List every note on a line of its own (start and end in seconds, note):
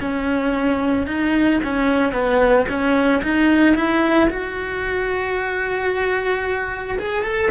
0.00 1.07 C#4
1.07 1.60 D#4
1.64 2.12 C#4
2.12 2.66 B3
2.69 3.22 C#4
3.23 3.75 D#4
3.75 4.29 E4
4.30 6.98 F#4
6.99 7.23 G#4
7.23 7.50 A4